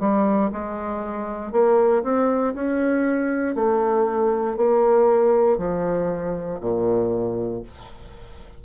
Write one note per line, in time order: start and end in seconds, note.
0.00 0.51 G3
0.52 1.52 G#3
1.52 2.03 A#3
2.03 2.54 C4
2.55 3.55 C#4
3.55 4.57 A3
4.57 5.58 A#3
5.58 6.60 F3
6.61 7.62 A#2